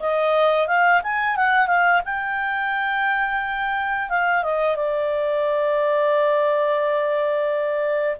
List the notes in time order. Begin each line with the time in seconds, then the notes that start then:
0.00 D#5
0.67 F5
1.03 G#5
1.36 F#5
1.67 F5
2.05 G5
4.09 F5
4.43 D#5
4.76 D5